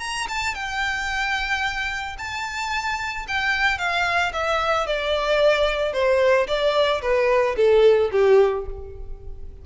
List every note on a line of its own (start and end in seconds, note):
0.00 0.27 A#5
0.29 0.55 A5
0.55 2.17 G5
2.18 3.27 A5
3.28 3.78 G5
3.78 4.32 F5
4.33 4.87 E5
4.87 5.93 D5
5.93 6.47 C5
6.48 7.02 D5
7.02 7.56 B4
7.57 8.11 A4
8.12 8.66 G4